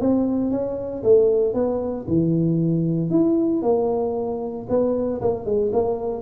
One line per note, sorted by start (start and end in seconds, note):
0.00 0.51 C4
0.51 1.03 C#4
1.03 1.54 A3
1.54 2.06 B3
2.08 3.10 E3
3.10 3.62 E4
3.62 4.67 A#3
4.69 5.21 B3
5.22 5.45 A#3
5.45 5.71 G#3
5.72 6.22 A#3